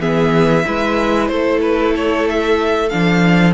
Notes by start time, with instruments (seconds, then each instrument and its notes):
0.00 cello E3, viola B3, violin G#4 E5
0.65 cello G#3, viola E4, violin B4
1.28 cello A3, violin A4 C5
1.62 violin B4
1.96 violin C#5
2.30 violin E5
2.90 cello F3, viola D4, violin F5